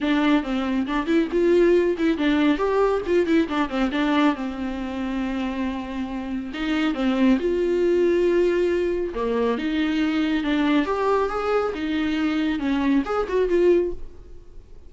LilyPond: \new Staff \with { instrumentName = "viola" } { \time 4/4 \tempo 4 = 138 d'4 c'4 d'8 e'8 f'4~ | f'8 e'8 d'4 g'4 f'8 e'8 | d'8 c'8 d'4 c'2~ | c'2. dis'4 |
c'4 f'2.~ | f'4 ais4 dis'2 | d'4 g'4 gis'4 dis'4~ | dis'4 cis'4 gis'8 fis'8 f'4 | }